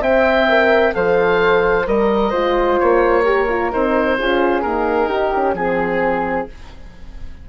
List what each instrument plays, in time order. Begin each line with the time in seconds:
0.00 bassoon C4, horn C5, flute E5, oboe G5
0.49 horn A#4
0.93 bassoon F3, horn A4, flute C5, oboe F5
1.86 bassoon G3, horn A#4, flute A#4, oboe D#5
2.30 bassoon G#3, horn F4, flute C5
2.79 bassoon A#3, oboe C#5
3.24 horn G4, flute A#4
3.49 horn F4
3.72 bassoon C4, horn D#4, oboe C5
4.18 bassoon C#4, horn F4, flute G#4
4.62 horn A#3, bassoon D#4, oboe A#4
5.08 horn D#4, flute G4
5.34 horn C#4
5.53 bassoon F3, horn C4, oboe G#4, flute G#4